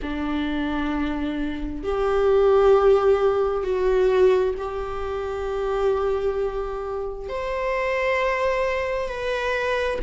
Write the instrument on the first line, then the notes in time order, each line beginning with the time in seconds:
viola
0.02 D4
1.83 G4
3.63 F#4
4.57 G4
7.29 C5
9.08 B4